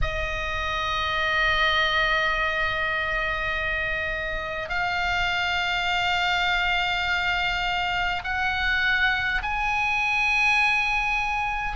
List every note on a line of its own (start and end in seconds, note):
0.01 4.69 D#5
4.69 8.22 F5
8.24 9.41 F#5
9.42 11.76 G#5